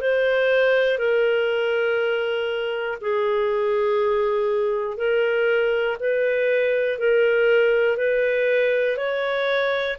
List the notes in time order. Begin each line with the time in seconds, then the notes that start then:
0.00 C5
0.98 A#4
3.01 G#4
4.97 A#4
6.00 B4
6.98 A#4
7.96 B4
8.97 C#5